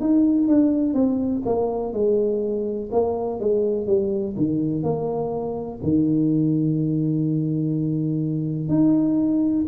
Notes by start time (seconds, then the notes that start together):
0.00 D#4
0.48 D4
0.94 C4
1.45 A#3
1.93 G#3
2.92 A#3
3.40 G#3
3.87 G3
4.36 D#3
4.83 A#3
5.83 D#3
8.69 D#4